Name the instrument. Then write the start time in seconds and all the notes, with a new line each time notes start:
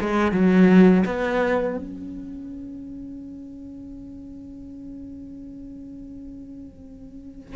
cello
0.00 G#3
0.32 F#3
1.05 B3
1.77 C#4